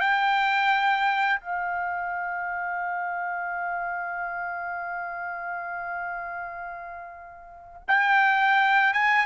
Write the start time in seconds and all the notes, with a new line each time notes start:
0.00 G5
1.40 F5
7.88 G5
8.94 G#5